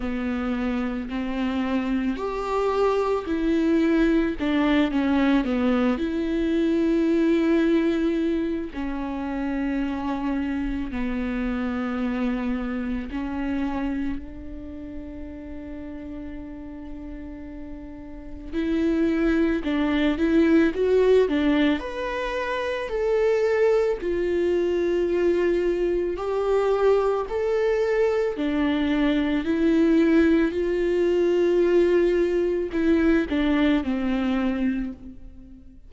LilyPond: \new Staff \with { instrumentName = "viola" } { \time 4/4 \tempo 4 = 55 b4 c'4 g'4 e'4 | d'8 cis'8 b8 e'2~ e'8 | cis'2 b2 | cis'4 d'2.~ |
d'4 e'4 d'8 e'8 fis'8 d'8 | b'4 a'4 f'2 | g'4 a'4 d'4 e'4 | f'2 e'8 d'8 c'4 | }